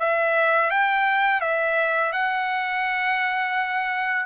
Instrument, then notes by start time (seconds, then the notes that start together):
trumpet
0.00 E5
0.71 G5
1.41 E5
2.13 F#5